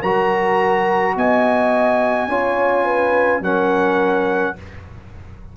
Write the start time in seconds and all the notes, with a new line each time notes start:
0.00 F#3 F#4 A#4 A#5
1.16 B3 D#5 G#5
2.28 C#4 F4 C#5
2.85 B4
3.41 F#3 C#4 A#4 F#5